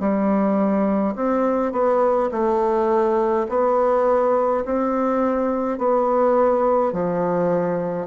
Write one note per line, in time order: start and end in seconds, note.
0.00 1.15 G3
1.15 1.72 C4
1.72 2.30 B3
2.31 3.47 A3
3.49 4.65 B3
4.65 5.78 C4
5.78 6.93 B3
6.93 8.07 F3